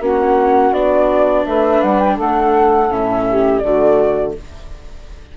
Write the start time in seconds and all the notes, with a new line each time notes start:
0.00 A#3 C#4 F#4 F#5
0.72 B3 D4 D5
1.46 A3 B4 E5
1.82 G3 F#5
2.00 G5
2.15 A3 A4 F#5
2.90 A2 C#4 E5
3.29 G4
3.59 D3 A3 F#4 D5